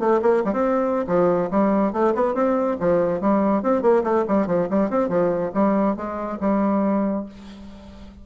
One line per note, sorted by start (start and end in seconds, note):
0.00 0.21 A3
0.22 0.44 A#3
0.45 0.53 G3
0.53 1.06 C4
1.07 1.50 F3
1.51 1.93 G3
1.93 2.15 A3
2.15 2.34 B3
2.34 2.77 C4
2.80 3.21 F3
3.21 3.63 G3
3.63 3.82 C4
3.82 4.03 A#3
4.04 4.25 A3
4.28 4.47 G3
4.47 4.68 F3
4.70 4.90 G3
4.90 5.09 C4
5.09 5.52 F3
5.54 5.97 G3
5.97 6.39 G#3
6.41 7.26 G3